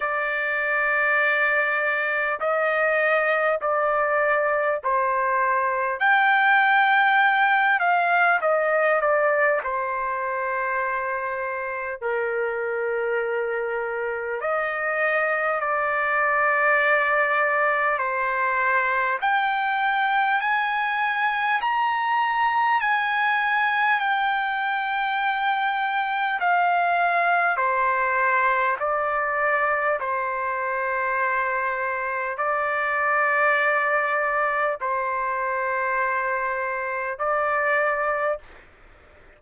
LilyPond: \new Staff \with { instrumentName = "trumpet" } { \time 4/4 \tempo 4 = 50 d''2 dis''4 d''4 | c''4 g''4. f''8 dis''8 d''8 | c''2 ais'2 | dis''4 d''2 c''4 |
g''4 gis''4 ais''4 gis''4 | g''2 f''4 c''4 | d''4 c''2 d''4~ | d''4 c''2 d''4 | }